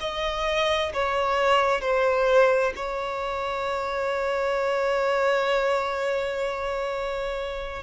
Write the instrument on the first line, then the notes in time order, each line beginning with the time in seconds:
violin
0.00 D#5
0.93 C#5
1.81 C5
2.76 C#5